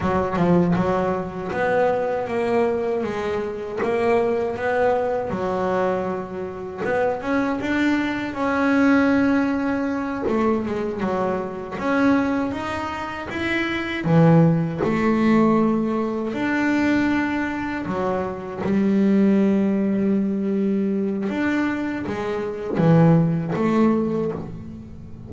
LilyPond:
\new Staff \with { instrumentName = "double bass" } { \time 4/4 \tempo 4 = 79 fis8 f8 fis4 b4 ais4 | gis4 ais4 b4 fis4~ | fis4 b8 cis'8 d'4 cis'4~ | cis'4. a8 gis8 fis4 cis'8~ |
cis'8 dis'4 e'4 e4 a8~ | a4. d'2 fis8~ | fis8 g2.~ g8 | d'4 gis4 e4 a4 | }